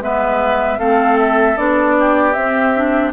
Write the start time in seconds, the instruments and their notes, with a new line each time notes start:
0.00 bassoon G#3, clarinet B3, oboe B4, flute E5
0.79 bassoon A3, clarinet C4, oboe A4, flute F5
1.19 flute E5
1.57 bassoon B3, clarinet D4, flute D5
2.00 oboe G4
2.33 clarinet C4, bassoon C4, flute E5
2.75 clarinet D4